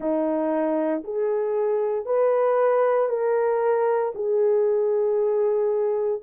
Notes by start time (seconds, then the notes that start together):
0.00 D#4
1.03 G#4
2.05 B4
3.08 A#4
4.14 G#4